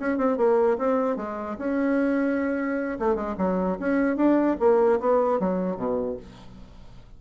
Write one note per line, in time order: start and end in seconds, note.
0.00 0.18 C#4
0.18 0.38 C4
0.38 0.78 A#3
0.79 1.17 C4
1.17 1.57 G#3
1.59 2.99 C#4
3.00 3.16 A3
3.16 3.36 G#3
3.38 3.78 F#3
3.80 4.17 C#4
4.17 4.57 D4
4.60 5.00 A#3
5.00 5.40 B3
5.40 5.77 F#3
5.77 6.17 B2